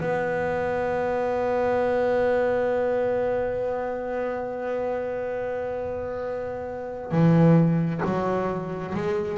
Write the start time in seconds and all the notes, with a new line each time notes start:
0.00 B3
7.11 E3
8.04 F#3
8.94 G#3